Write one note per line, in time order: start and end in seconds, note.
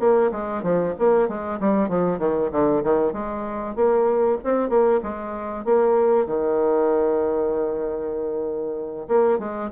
0.00 0.31 A#3
0.32 0.63 G#3
0.63 0.94 F3
0.99 1.29 A#3
1.29 1.60 G#3
1.60 1.89 G3
1.89 2.19 F3
2.19 2.51 D#3
2.52 2.83 D3
2.84 3.13 D#3
3.13 3.76 G#3
3.76 4.38 A#3
4.44 4.69 C4
4.69 5.01 A#3
5.03 5.65 G#3
5.65 6.27 A#3
6.27 9.08 D#3
9.08 9.39 A#3
9.39 9.70 G#3